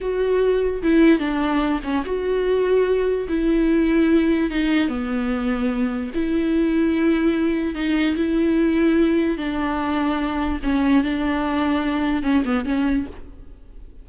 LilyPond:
\new Staff \with { instrumentName = "viola" } { \time 4/4 \tempo 4 = 147 fis'2 e'4 d'4~ | d'8 cis'8 fis'2. | e'2. dis'4 | b2. e'4~ |
e'2. dis'4 | e'2. d'4~ | d'2 cis'4 d'4~ | d'2 cis'8 b8 cis'4 | }